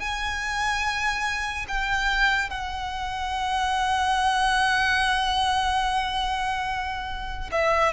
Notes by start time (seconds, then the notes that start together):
0.00 G#5
1.69 G5
2.50 F#5
7.52 E5